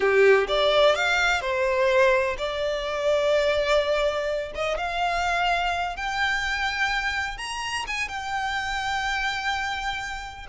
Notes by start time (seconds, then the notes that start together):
0.00 G4
0.48 D5
0.95 F5
1.41 C5
2.38 D5
4.55 D#5
4.77 F5
5.96 G5
7.37 A#5
7.87 G#5
8.08 G5